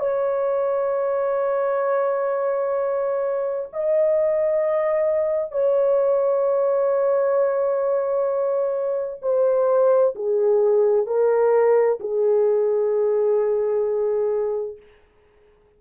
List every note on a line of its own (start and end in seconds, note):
0.00 3.69 C#5
3.73 5.52 D#5
5.52 9.21 C#5
9.22 10.15 C5
10.16 11.07 G#4
11.07 11.99 A#4
12.00 14.77 G#4